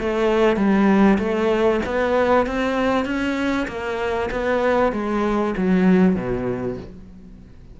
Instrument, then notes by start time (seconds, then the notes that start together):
cello
0.00 A3
0.57 G3
1.19 A3
1.86 B3
2.47 C4
3.05 C#4
3.68 A#3
4.31 B3
4.93 G#3
5.58 F#3
6.16 B2